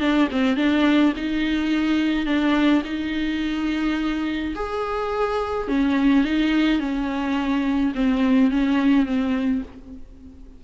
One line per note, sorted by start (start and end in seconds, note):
0.00 0.28 D4
0.31 0.57 C4
0.57 1.13 D4
1.17 2.26 D#4
2.26 2.83 D4
2.85 4.54 D#4
4.55 5.68 G#4
5.68 6.24 C#4
6.24 6.80 D#4
6.80 7.93 C#4
7.95 8.51 C4
8.51 9.06 C#4
9.06 9.62 C4